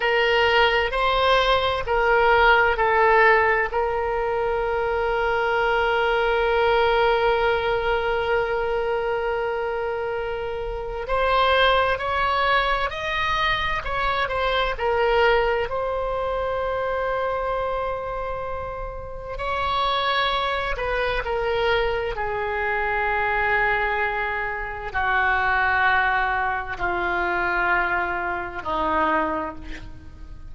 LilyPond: \new Staff \with { instrumentName = "oboe" } { \time 4/4 \tempo 4 = 65 ais'4 c''4 ais'4 a'4 | ais'1~ | ais'1 | c''4 cis''4 dis''4 cis''8 c''8 |
ais'4 c''2.~ | c''4 cis''4. b'8 ais'4 | gis'2. fis'4~ | fis'4 f'2 dis'4 | }